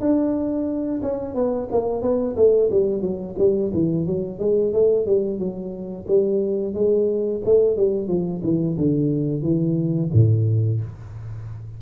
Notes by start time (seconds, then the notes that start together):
0.00 D4
1.02 C#4
1.34 B3
1.71 A#3
2.02 B3
2.36 A3
2.71 G3
3.01 F#3
3.38 G3
3.73 E3
4.06 F#3
4.39 G#3
4.73 A3
5.06 G3
5.38 F#3
6.07 G3
6.74 G#3
7.45 A3
7.76 G3
8.07 F3
8.43 E3
8.77 D3
9.42 E3
10.13 A2